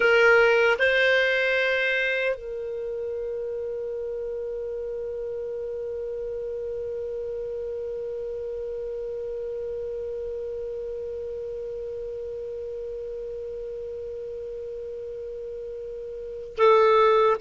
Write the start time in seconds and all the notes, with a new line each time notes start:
0.00 A#4
0.79 C5
2.35 A#4
16.57 A4